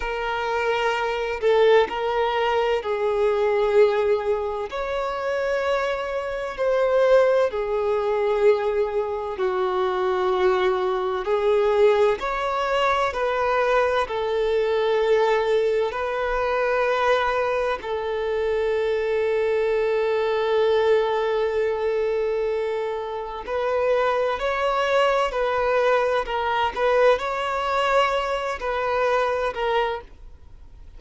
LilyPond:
\new Staff \with { instrumentName = "violin" } { \time 4/4 \tempo 4 = 64 ais'4. a'8 ais'4 gis'4~ | gis'4 cis''2 c''4 | gis'2 fis'2 | gis'4 cis''4 b'4 a'4~ |
a'4 b'2 a'4~ | a'1~ | a'4 b'4 cis''4 b'4 | ais'8 b'8 cis''4. b'4 ais'8 | }